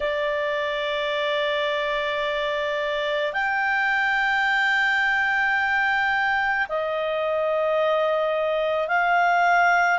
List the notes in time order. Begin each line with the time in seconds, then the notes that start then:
0.00 D5
3.33 G5
6.68 D#5
8.87 F5